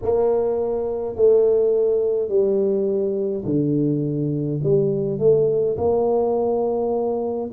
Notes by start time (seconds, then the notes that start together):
0.02 A#3
1.15 A3
2.28 G3
3.45 D3
4.63 G3
5.19 A3
5.77 A#3